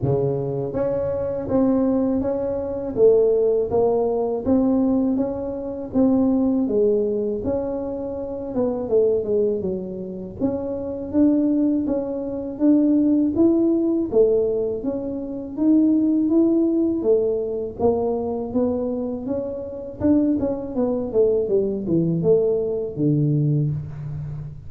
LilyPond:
\new Staff \with { instrumentName = "tuba" } { \time 4/4 \tempo 4 = 81 cis4 cis'4 c'4 cis'4 | a4 ais4 c'4 cis'4 | c'4 gis4 cis'4. b8 | a8 gis8 fis4 cis'4 d'4 |
cis'4 d'4 e'4 a4 | cis'4 dis'4 e'4 a4 | ais4 b4 cis'4 d'8 cis'8 | b8 a8 g8 e8 a4 d4 | }